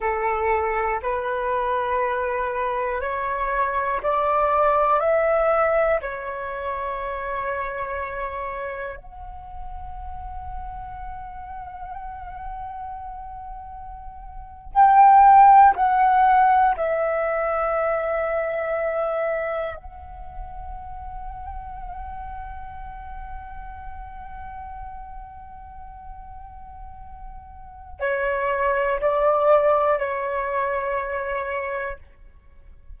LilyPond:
\new Staff \with { instrumentName = "flute" } { \time 4/4 \tempo 4 = 60 a'4 b'2 cis''4 | d''4 e''4 cis''2~ | cis''4 fis''2.~ | fis''2~ fis''8. g''4 fis''16~ |
fis''8. e''2. fis''16~ | fis''1~ | fis''1 | cis''4 d''4 cis''2 | }